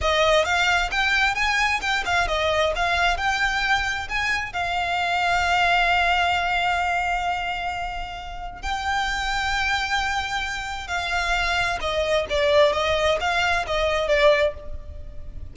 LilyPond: \new Staff \with { instrumentName = "violin" } { \time 4/4 \tempo 4 = 132 dis''4 f''4 g''4 gis''4 | g''8 f''8 dis''4 f''4 g''4~ | g''4 gis''4 f''2~ | f''1~ |
f''2. g''4~ | g''1 | f''2 dis''4 d''4 | dis''4 f''4 dis''4 d''4 | }